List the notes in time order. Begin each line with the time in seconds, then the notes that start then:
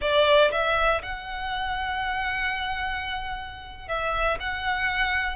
0.01 D5
0.51 E5
1.02 F#5
3.88 E5
4.40 F#5